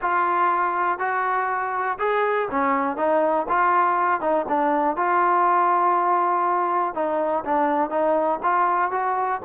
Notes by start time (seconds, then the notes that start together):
0.01 F4
0.98 F#4
1.98 G#4
2.50 C#4
2.96 D#4
3.48 F4
4.20 D#4
4.48 D4
4.96 F4
6.94 D#4
7.44 D4
7.90 D#4
8.43 F4
8.91 F#4